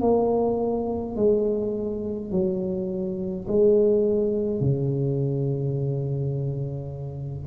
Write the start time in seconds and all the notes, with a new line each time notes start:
0.00 A#3
1.16 G#3
2.31 F#3
3.47 G#3
4.60 C#3